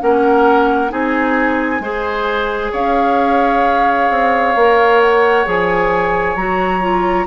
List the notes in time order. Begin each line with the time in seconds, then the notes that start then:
0.00 A#3 C#4 A#4 F#5
0.90 C4 D#4 G#4 G#5
1.80 G#3 G#4 C5
2.72 C#4 C#5 F5
4.10 C4
4.55 A#3 A#4
5.01 F#5
5.46 F3 G#4 G#5
6.36 F#3 F#4 A#5
6.81 F4